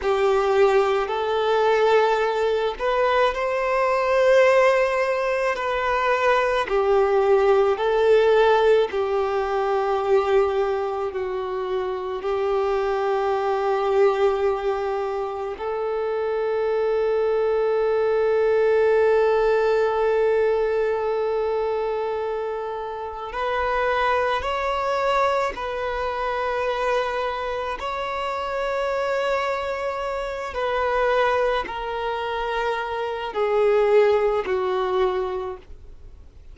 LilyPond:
\new Staff \with { instrumentName = "violin" } { \time 4/4 \tempo 4 = 54 g'4 a'4. b'8 c''4~ | c''4 b'4 g'4 a'4 | g'2 fis'4 g'4~ | g'2 a'2~ |
a'1~ | a'4 b'4 cis''4 b'4~ | b'4 cis''2~ cis''8 b'8~ | b'8 ais'4. gis'4 fis'4 | }